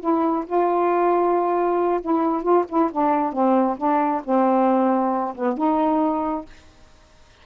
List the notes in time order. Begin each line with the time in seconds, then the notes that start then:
0.00 E4
0.46 F4
2.01 E4
2.42 F4
2.68 E4
2.91 D4
3.32 C4
3.77 D4
4.24 C4
5.35 B3
5.57 D#4